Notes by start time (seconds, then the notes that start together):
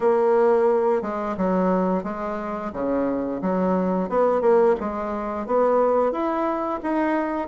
0.00 A#3
1.02 G#3
1.37 F#3
2.03 G#3
2.73 C#3
3.41 F#3
4.09 B3
4.41 A#3
4.80 G#3
5.46 B3
6.11 E4
6.82 D#4